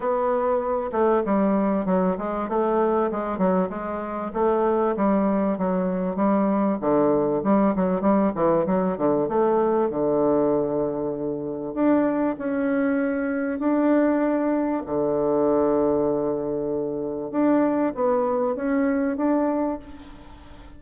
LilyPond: \new Staff \with { instrumentName = "bassoon" } { \time 4/4 \tempo 4 = 97 b4. a8 g4 fis8 gis8 | a4 gis8 fis8 gis4 a4 | g4 fis4 g4 d4 | g8 fis8 g8 e8 fis8 d8 a4 |
d2. d'4 | cis'2 d'2 | d1 | d'4 b4 cis'4 d'4 | }